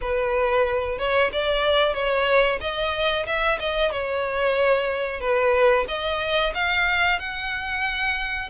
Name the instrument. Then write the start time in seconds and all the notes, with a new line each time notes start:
violin
0.01 B4
0.98 C#5
1.32 D5
1.94 C#5
2.61 D#5
3.26 E5
3.59 D#5
3.91 C#5
5.20 B4
5.88 D#5
6.54 F5
7.19 F#5